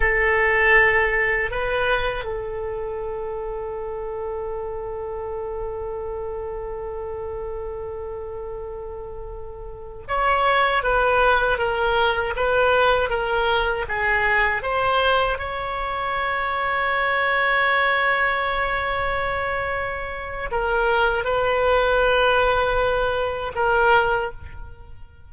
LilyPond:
\new Staff \with { instrumentName = "oboe" } { \time 4/4 \tempo 4 = 79 a'2 b'4 a'4~ | a'1~ | a'1~ | a'4~ a'16 cis''4 b'4 ais'8.~ |
ais'16 b'4 ais'4 gis'4 c''8.~ | c''16 cis''2.~ cis''8.~ | cis''2. ais'4 | b'2. ais'4 | }